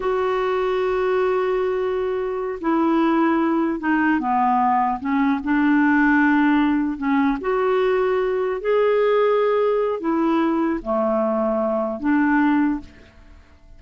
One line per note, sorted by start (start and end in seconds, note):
0.00 2.59 F#4
2.61 3.79 E4
3.79 4.19 D#4
4.19 4.99 B3
5.00 5.40 C#4
5.43 6.97 D4
6.97 7.37 C#4
7.40 8.60 F#4
8.60 10.00 G#4
10.00 10.80 E4
10.82 12.00 A3
12.00 12.80 D4